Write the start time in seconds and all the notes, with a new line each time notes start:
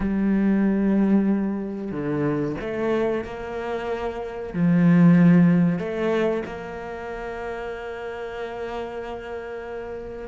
0.00 G3
1.91 D3
2.60 A3
3.24 A#3
4.53 F3
5.78 A3
6.45 A#3